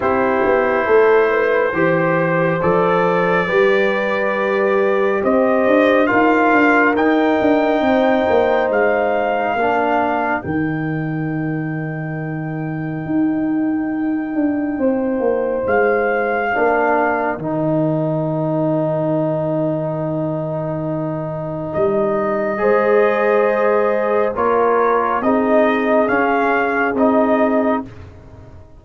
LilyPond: <<
  \new Staff \with { instrumentName = "trumpet" } { \time 4/4 \tempo 4 = 69 c''2. d''4~ | d''2 dis''4 f''4 | g''2 f''2 | g''1~ |
g''2 f''2 | g''1~ | g''4 dis''2. | cis''4 dis''4 f''4 dis''4 | }
  \new Staff \with { instrumentName = "horn" } { \time 4/4 g'4 a'8 b'8 c''2 | b'2 c''4 ais'4~ | ais'4 c''2 ais'4~ | ais'1~ |
ais'4 c''2 ais'4~ | ais'1~ | ais'2 c''2 | ais'4 gis'2. | }
  \new Staff \with { instrumentName = "trombone" } { \time 4/4 e'2 g'4 a'4 | g'2. f'4 | dis'2. d'4 | dis'1~ |
dis'2. d'4 | dis'1~ | dis'2 gis'2 | f'4 dis'4 cis'4 dis'4 | }
  \new Staff \with { instrumentName = "tuba" } { \time 4/4 c'8 b8 a4 e4 f4 | g2 c'8 d'8 dis'8 d'8 | dis'8 d'8 c'8 ais8 gis4 ais4 | dis2. dis'4~ |
dis'8 d'8 c'8 ais8 gis4 ais4 | dis1~ | dis4 g4 gis2 | ais4 c'4 cis'4 c'4 | }
>>